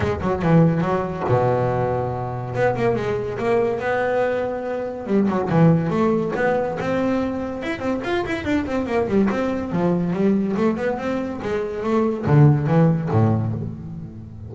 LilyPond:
\new Staff \with { instrumentName = "double bass" } { \time 4/4 \tempo 4 = 142 gis8 fis8 e4 fis4 b,4~ | b,2 b8 ais8 gis4 | ais4 b2. | g8 fis8 e4 a4 b4 |
c'2 e'8 c'8 f'8 e'8 | d'8 c'8 ais8 g8 c'4 f4 | g4 a8 b8 c'4 gis4 | a4 d4 e4 a,4 | }